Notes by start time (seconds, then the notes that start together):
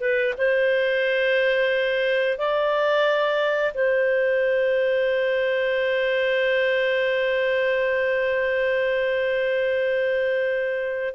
0.00 B4
0.37 C5
2.38 D5
3.74 C5